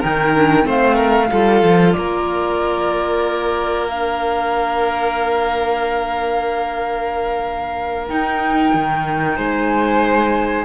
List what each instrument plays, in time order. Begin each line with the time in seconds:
0.00 cello D#3, clarinet D#4, violin A#4, flute G5
0.35 clarinet D4
0.62 cello A3, clarinet C4, violin C5
0.69 flute F5
0.95 violin A#4
1.32 cello G3, clarinet F4, violin A4
1.62 cello F3
1.92 cello A#3, violin A#4, flute D5
3.88 clarinet D4, flute F5
8.08 clarinet D#4, cello D#4, flute G5
8.74 cello D#3
9.36 cello G#3, violin C5, flute G#5